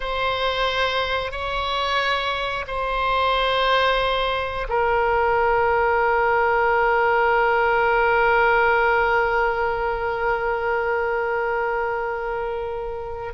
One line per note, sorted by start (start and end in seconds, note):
0.00 1.32 C5
1.32 2.65 C#5
2.67 4.67 C5
4.68 13.33 A#4